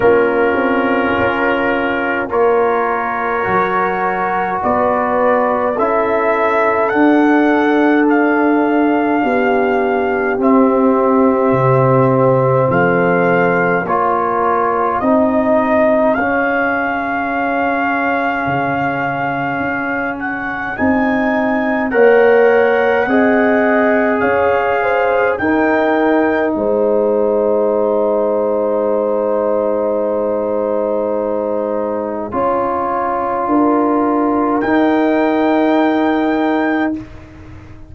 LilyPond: <<
  \new Staff \with { instrumentName = "trumpet" } { \time 4/4 \tempo 4 = 52 ais'2 cis''2 | d''4 e''4 fis''4 f''4~ | f''4 e''2 f''4 | cis''4 dis''4 f''2~ |
f''4. fis''8 gis''4 fis''4~ | fis''4 f''4 g''4 gis''4~ | gis''1~ | gis''2 g''2 | }
  \new Staff \with { instrumentName = "horn" } { \time 4/4 f'2 ais'2 | b'4 a'2. | g'2. a'4 | ais'4 gis'2.~ |
gis'2. cis''4 | dis''4 cis''8 c''8 ais'4 c''4~ | c''1 | cis''4 ais'2. | }
  \new Staff \with { instrumentName = "trombone" } { \time 4/4 cis'2 f'4 fis'4~ | fis'4 e'4 d'2~ | d'4 c'2. | f'4 dis'4 cis'2~ |
cis'2 dis'4 ais'4 | gis'2 dis'2~ | dis'1 | f'2 dis'2 | }
  \new Staff \with { instrumentName = "tuba" } { \time 4/4 ais8 c'8 cis'4 ais4 fis4 | b4 cis'4 d'2 | b4 c'4 c4 f4 | ais4 c'4 cis'2 |
cis4 cis'4 c'4 ais4 | c'4 cis'4 dis'4 gis4~ | gis1 | cis'4 d'4 dis'2 | }
>>